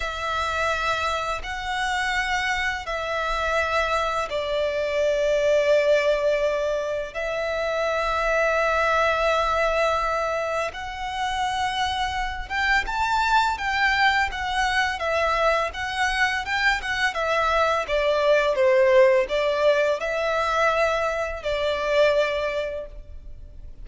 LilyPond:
\new Staff \with { instrumentName = "violin" } { \time 4/4 \tempo 4 = 84 e''2 fis''2 | e''2 d''2~ | d''2 e''2~ | e''2. fis''4~ |
fis''4. g''8 a''4 g''4 | fis''4 e''4 fis''4 g''8 fis''8 | e''4 d''4 c''4 d''4 | e''2 d''2 | }